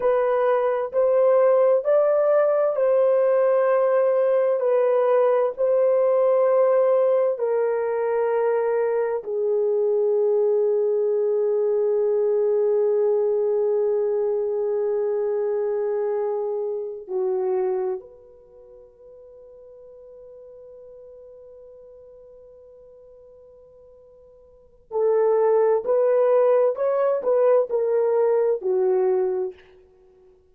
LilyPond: \new Staff \with { instrumentName = "horn" } { \time 4/4 \tempo 4 = 65 b'4 c''4 d''4 c''4~ | c''4 b'4 c''2 | ais'2 gis'2~ | gis'1~ |
gis'2~ gis'8 fis'4 b'8~ | b'1~ | b'2. a'4 | b'4 cis''8 b'8 ais'4 fis'4 | }